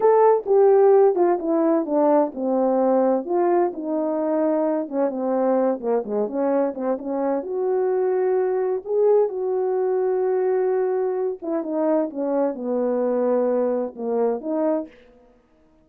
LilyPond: \new Staff \with { instrumentName = "horn" } { \time 4/4 \tempo 4 = 129 a'4 g'4. f'8 e'4 | d'4 c'2 f'4 | dis'2~ dis'8 cis'8 c'4~ | c'8 ais8 gis8 cis'4 c'8 cis'4 |
fis'2. gis'4 | fis'1~ | fis'8 e'8 dis'4 cis'4 b4~ | b2 ais4 dis'4 | }